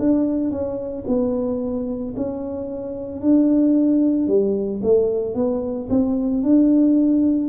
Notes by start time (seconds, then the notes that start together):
0.00 D4
0.51 C#4
1.08 B3
2.17 C#4
3.21 D4
4.28 G3
4.83 A3
5.35 B3
5.90 C4
6.43 D4